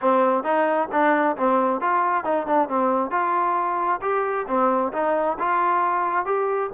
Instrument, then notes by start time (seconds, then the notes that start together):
trombone
0.01 C4
0.43 D#4
0.91 D4
1.36 C4
1.81 F4
2.24 D#4
2.46 D4
2.68 C4
3.11 F4
4.01 G4
4.47 C4
4.93 D#4
5.39 F4
6.25 G4